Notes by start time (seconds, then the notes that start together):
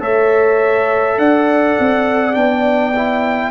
0.00 A3 A4 C#5 E5
1.18 D4 D5 F#5
1.80 C4
2.34 B3 D4 G5
2.96 E4